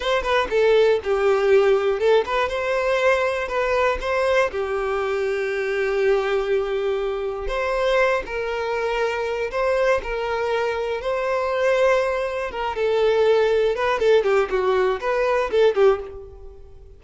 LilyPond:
\new Staff \with { instrumentName = "violin" } { \time 4/4 \tempo 4 = 120 c''8 b'8 a'4 g'2 | a'8 b'8 c''2 b'4 | c''4 g'2.~ | g'2. c''4~ |
c''8 ais'2~ ais'8 c''4 | ais'2 c''2~ | c''4 ais'8 a'2 b'8 | a'8 g'8 fis'4 b'4 a'8 g'8 | }